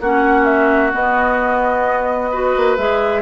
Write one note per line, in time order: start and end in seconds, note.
0.00 0.92 A#3
0.00 0.92 C#4
0.00 2.31 F#4
0.00 0.45 F#5
0.45 0.91 E5
0.92 2.30 B3
0.92 2.56 B3
0.92 2.77 D#5
2.31 2.77 F#4
2.31 3.22 B4
2.56 2.78 A#3
2.77 3.22 G#3
2.77 3.22 G#4
2.77 3.22 E5